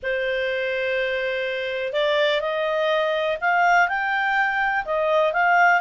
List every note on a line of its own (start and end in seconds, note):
0.02 1.92 C5
1.92 2.40 D5
2.40 3.37 D#5
3.40 3.88 F5
3.88 4.85 G5
4.85 5.32 D#5
5.32 5.81 F5